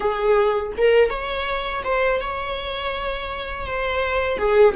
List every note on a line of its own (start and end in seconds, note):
0.00 0.73 G#4
0.77 1.09 A#4
1.09 1.83 C#5
1.84 2.20 C5
2.21 3.66 C#5
3.66 4.38 C5
4.38 4.74 G#4